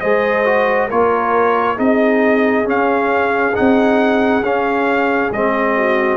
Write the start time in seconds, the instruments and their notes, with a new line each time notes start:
0.00 tuba G#3, trombone G#4, horn C5, trumpet D#5
0.45 trombone F#4
0.87 tuba A#3, trombone F4, horn A#4, trumpet C#5
1.75 tuba C4, trombone D#4, horn G#4, trumpet D#5
2.64 trombone C#4, tuba C#4, trumpet F5
3.54 tuba C4, trombone D#4, trumpet F#5
4.42 tuba C#4, trombone C#4, trumpet F5
5.31 tuba G#3, trombone C4, trumpet D#5
5.76 horn F#4